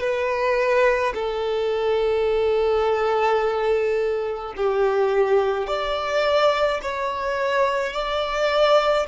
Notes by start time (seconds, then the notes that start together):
0.00 B4
1.14 A4
4.56 G4
5.67 D5
6.82 C#5
7.92 D5